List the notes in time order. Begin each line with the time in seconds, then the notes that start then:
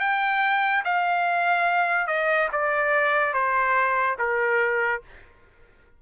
0.00 G5
0.84 F5
2.07 D#5
2.52 D5
3.33 C5
4.19 A#4